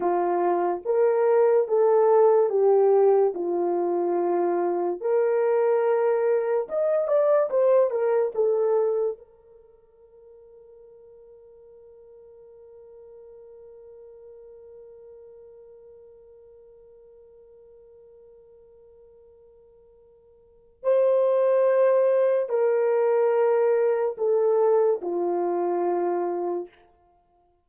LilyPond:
\new Staff \with { instrumentName = "horn" } { \time 4/4 \tempo 4 = 72 f'4 ais'4 a'4 g'4 | f'2 ais'2 | dis''8 d''8 c''8 ais'8 a'4 ais'4~ | ais'1~ |
ais'1~ | ais'1~ | ais'4 c''2 ais'4~ | ais'4 a'4 f'2 | }